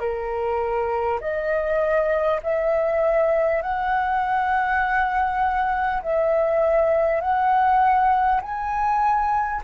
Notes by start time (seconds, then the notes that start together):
0.00 A#4
1.21 D#5
2.43 E5
3.63 F#5
6.03 E5
7.21 F#5
8.42 G#5